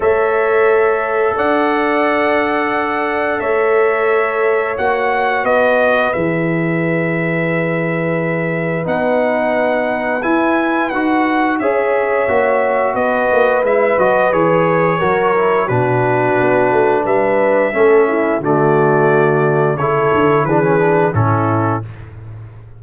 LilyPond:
<<
  \new Staff \with { instrumentName = "trumpet" } { \time 4/4 \tempo 4 = 88 e''2 fis''2~ | fis''4 e''2 fis''4 | dis''4 e''2.~ | e''4 fis''2 gis''4 |
fis''4 e''2 dis''4 | e''8 dis''8 cis''2 b'4~ | b'4 e''2 d''4~ | d''4 cis''4 b'4 a'4 | }
  \new Staff \with { instrumentName = "horn" } { \time 4/4 cis''2 d''2~ | d''4 cis''2. | b'1~ | b'1~ |
b'4 cis''2 b'4~ | b'2 ais'4 fis'4~ | fis'4 b'4 a'8 e'8 fis'4~ | fis'4 a'4 gis'4 e'4 | }
  \new Staff \with { instrumentName = "trombone" } { \time 4/4 a'1~ | a'2. fis'4~ | fis'4 gis'2.~ | gis'4 dis'2 e'4 |
fis'4 gis'4 fis'2 | e'8 fis'8 gis'4 fis'8 e'8 d'4~ | d'2 cis'4 a4~ | a4 e'4 d'16 cis'16 d'8 cis'4 | }
  \new Staff \with { instrumentName = "tuba" } { \time 4/4 a2 d'2~ | d'4 a2 ais4 | b4 e2.~ | e4 b2 e'4 |
dis'4 cis'4 ais4 b8 ais8 | gis8 fis8 e4 fis4 b,4 | b8 a8 g4 a4 d4~ | d4 cis8 d8 e4 a,4 | }
>>